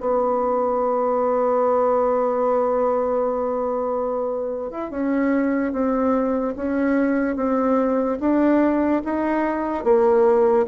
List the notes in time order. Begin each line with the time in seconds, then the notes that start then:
0.00 B3
4.71 E4
4.91 C#4
5.72 C4
6.56 C#4
7.36 C4
8.20 D4
9.05 D#4
9.84 A#3